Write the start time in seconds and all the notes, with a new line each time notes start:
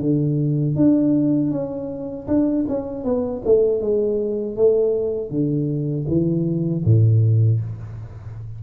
0.00 D3
0.76 D4
1.51 C#4
2.27 D4
2.68 C#4
3.04 B3
3.45 A3
3.81 G#3
4.56 A3
5.30 D3
6.08 E3
6.84 A2